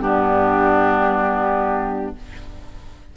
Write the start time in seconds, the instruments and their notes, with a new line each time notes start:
0.00 bassoon G2, clarinet B3, oboe D4, flute G4